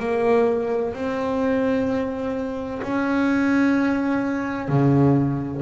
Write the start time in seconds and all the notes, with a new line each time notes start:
0.00 A#3
0.94 C4
2.83 C#4
4.69 C#3